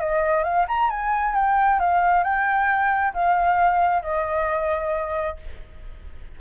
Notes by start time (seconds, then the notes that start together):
0.00 D#5
0.44 F5
0.68 A#5
0.90 G#5
1.35 G5
1.80 F5
2.24 G5
3.14 F5
4.03 D#5